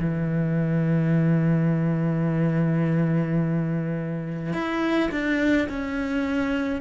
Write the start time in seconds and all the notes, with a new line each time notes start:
0.00 E3
4.53 E4
5.11 D4
5.69 C#4